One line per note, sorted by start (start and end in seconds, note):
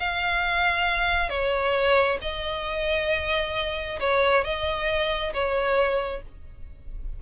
0.00 1.30 F5
1.30 2.19 C#5
2.22 4.00 D#5
4.00 4.44 C#5
4.44 5.33 D#5
5.34 6.23 C#5